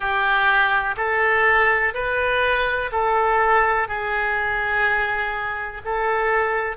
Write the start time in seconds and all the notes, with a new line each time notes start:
0.00 G4
0.97 A4
1.94 B4
2.92 A4
3.88 G#4
5.85 A4